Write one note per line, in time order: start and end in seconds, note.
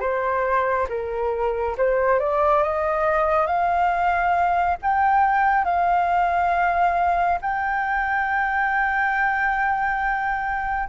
0.00 0.87 C5
0.89 1.76 A#4
1.77 2.19 C5
2.19 2.63 D5
2.63 3.46 D#5
3.46 4.77 F5
4.82 5.65 G5
5.65 7.39 F5
7.41 10.89 G5